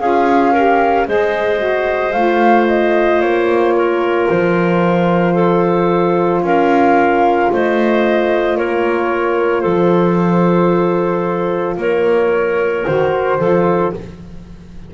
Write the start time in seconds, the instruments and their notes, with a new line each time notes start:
0.00 double bass C#4, saxophone F4, clarinet G#4, flute F5
0.53 saxophone G4, clarinet A#4
1.06 double bass G#3, saxophone G#4, clarinet C5, flute D#5
1.58 saxophone F#4
2.13 double bass A3, saxophone F4, flute F5
2.67 flute D#5
3.21 double bass A#3, flute C#5
3.77 clarinet A#4
4.30 double bass F3, flute C5
5.34 clarinet A4
6.42 double bass C#4, clarinet A#4, flute F5
7.53 double bass A3, clarinet C5, flute D#5
8.57 double bass A#3, clarinet A#4, flute C#5
9.61 double bass F3, clarinet A4, flute C5
11.78 double bass A#3, clarinet A#4, flute C#5
12.86 double bass D#3, saxophone F#4, flute C5
13.39 double bass F3, saxophone F4, clarinet A4